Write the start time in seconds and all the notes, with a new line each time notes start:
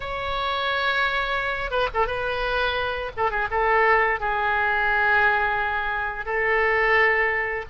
0.00 C#5
1.71 B4
1.94 A4
2.06 B4
3.16 A4
3.30 G#4
3.50 A4
4.20 G#4
6.25 A4